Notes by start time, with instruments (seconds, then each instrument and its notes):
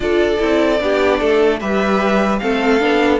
0.00 cello D4, viola F4, violin A4 D5
0.39 cello C4, viola E4
0.79 cello B3, viola D4, violin G4
1.19 cello A3, violin A4
1.60 cello G3, viola G4, violin B4 E5
2.38 cello A3, viola C4, violin A4 F5
2.79 cello B3, viola D4